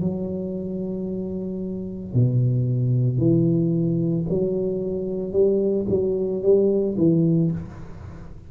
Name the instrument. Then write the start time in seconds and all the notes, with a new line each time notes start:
tuba
0.00 F#3
2.13 B2
3.18 E3
4.29 F#3
5.32 G3
5.89 F#3
6.42 G3
6.97 E3